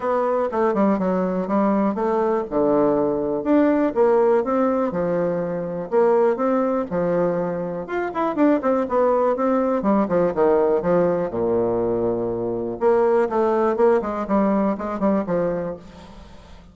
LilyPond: \new Staff \with { instrumentName = "bassoon" } { \time 4/4 \tempo 4 = 122 b4 a8 g8 fis4 g4 | a4 d2 d'4 | ais4 c'4 f2 | ais4 c'4 f2 |
f'8 e'8 d'8 c'8 b4 c'4 | g8 f8 dis4 f4 ais,4~ | ais,2 ais4 a4 | ais8 gis8 g4 gis8 g8 f4 | }